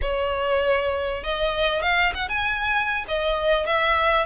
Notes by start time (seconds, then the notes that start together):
0.01 C#5
1.23 D#5
1.82 F5
2.14 F#5
2.28 G#5
3.08 D#5
3.66 E5